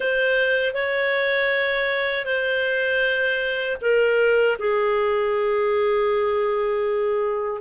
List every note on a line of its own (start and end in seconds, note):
0.00 0.74 C5
0.74 2.25 C#5
2.25 3.77 C5
3.81 4.57 A#4
4.58 7.61 G#4